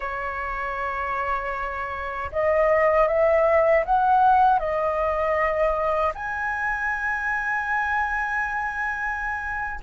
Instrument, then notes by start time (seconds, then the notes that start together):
flute
0.00 C#5
2.31 D#5
3.07 E5
3.85 F#5
4.59 D#5
6.14 G#5